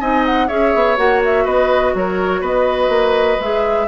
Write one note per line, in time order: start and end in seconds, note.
0.00 0.49 C4
0.00 0.48 D#4
0.00 0.47 D#5
0.00 0.24 G#5
0.25 0.48 F#5
0.47 0.74 C#4
0.47 0.96 G#4
0.47 1.44 C#5
0.47 0.96 E5
0.74 0.97 B3
0.96 1.45 A#3
0.96 3.38 F#4
0.96 1.21 F#5
1.24 1.46 E5
1.44 1.94 B3
1.44 1.93 B4
1.44 1.94 D#5
1.94 2.41 F#3
1.94 2.41 A#4
1.94 2.44 C#5
2.41 2.89 B3
2.41 3.86 B4
2.41 3.41 D#5
2.89 3.37 A#3
3.39 3.88 G#3
3.39 3.88 G#4
3.39 3.88 E5